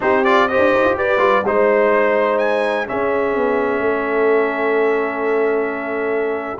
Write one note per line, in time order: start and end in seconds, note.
0.00 0.58 C4
0.00 0.24 D#4
0.00 0.50 G4
0.00 0.24 C5
0.24 0.49 F4
0.24 0.48 D5
0.48 1.18 G4
0.48 0.97 C5
0.48 0.96 D#5
0.58 0.70 D4
0.74 0.84 D#4
0.84 0.95 F4
0.95 1.17 G4
0.95 1.45 B4
0.95 1.45 D5
1.17 1.41 G3
1.17 1.42 F4
1.44 2.88 G#3
1.44 2.85 D#4
1.44 2.88 C5
1.44 2.38 C5
2.38 2.86 G#5
2.85 6.58 C#4
2.85 3.36 C#4
2.85 3.84 G#4
2.85 6.59 E5
3.36 3.79 B3
3.79 6.55 A3
3.79 6.59 A4